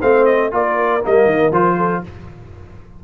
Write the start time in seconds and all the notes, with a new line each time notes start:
0.00 A3 C4 C5 F5
0.25 D#5
0.51 A#3 F4 A#4 D5
1.01 G3 A#3 D#5
1.25 D#3
1.51 F3 F4 C5
1.76 A4